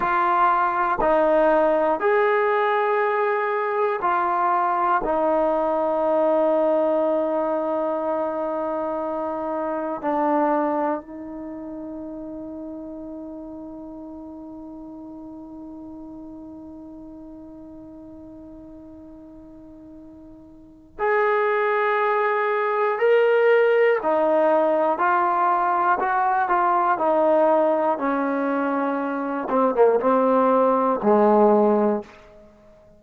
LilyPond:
\new Staff \with { instrumentName = "trombone" } { \time 4/4 \tempo 4 = 60 f'4 dis'4 gis'2 | f'4 dis'2.~ | dis'2 d'4 dis'4~ | dis'1~ |
dis'1~ | dis'4 gis'2 ais'4 | dis'4 f'4 fis'8 f'8 dis'4 | cis'4. c'16 ais16 c'4 gis4 | }